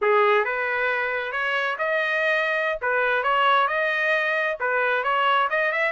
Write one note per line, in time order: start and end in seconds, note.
0.01 0.45 G#4
0.45 1.32 B4
1.32 1.76 C#5
1.78 2.79 D#5
2.81 3.23 B4
3.23 3.67 C#5
3.67 4.57 D#5
4.59 5.03 B4
5.03 5.48 C#5
5.50 5.72 D#5
5.72 5.91 E5